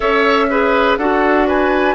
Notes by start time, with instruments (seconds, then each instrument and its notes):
0.00 bassoon C#4, clarinet A4, oboe C#5, flute E5
0.49 clarinet G#4, oboe B4
0.97 bassoon D4, clarinet F#4, oboe A4, flute F#5
1.47 oboe B4, flute G#5